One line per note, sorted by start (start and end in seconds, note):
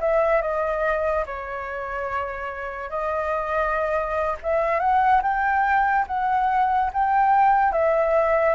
0.00 0.42 E5
0.42 1.25 D#5
1.26 2.90 C#5
2.90 4.36 D#5
4.43 4.80 E5
4.80 5.21 F#5
5.22 6.06 G5
6.07 6.91 F#5
6.93 7.72 G5
7.72 8.55 E5